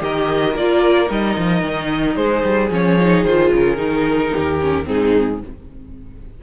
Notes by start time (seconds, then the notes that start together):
0.00 D#3 G4 A#4 D#5
0.56 A#3 F4 D5
1.07 G3 D#4 D#5
1.37 F3
1.63 D#3
2.16 G#3 G#4 C5
2.44 G3
2.71 F3 C#4 C#5
3.01 D#4
3.24 D#3 F4 C5
3.53 C#3 A#4
3.77 D#3 D#4
4.32 D#2 G4
4.61 C#4
4.85 G#2 C4 D#4 G#4